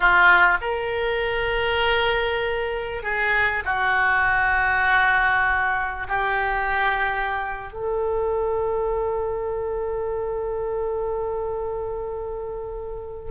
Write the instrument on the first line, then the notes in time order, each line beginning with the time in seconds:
oboe
0.00 F4
0.61 A#4
3.02 G#4
3.64 F#4
6.08 G4
7.72 A4